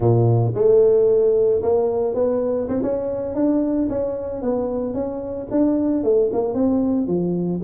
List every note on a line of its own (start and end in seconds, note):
0.00 0.52 A#2
0.54 1.61 A3
1.62 2.14 A#3
2.14 2.68 B3
2.68 2.81 C4
2.82 3.35 C#4
3.35 3.88 D4
3.89 4.42 C#4
4.42 4.93 B3
4.93 5.47 C#4
5.50 6.03 D4
6.03 6.30 A3
6.32 6.54 A#3
6.54 7.07 C4
7.07 7.60 F3